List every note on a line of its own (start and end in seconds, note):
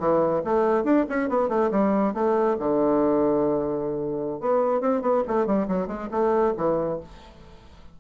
0.00 0.43 E3
0.45 0.85 A3
0.85 1.06 D4
1.09 1.30 C#4
1.30 1.49 B3
1.49 1.71 A3
1.72 2.14 G3
2.14 2.57 A3
2.60 4.41 D3
4.41 4.81 B3
4.81 5.02 C4
5.02 5.24 B3
5.28 5.47 A3
5.47 5.68 G3
5.68 5.88 F#3
5.88 6.09 G#3
6.12 6.55 A3
6.58 7.01 E3